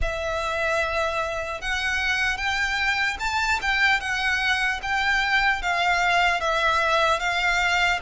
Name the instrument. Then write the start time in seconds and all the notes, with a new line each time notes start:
violin
0.01 E5
1.61 F#5
2.37 G5
3.19 A5
3.61 G5
4.00 F#5
4.82 G5
5.62 F5
6.40 E5
7.19 F5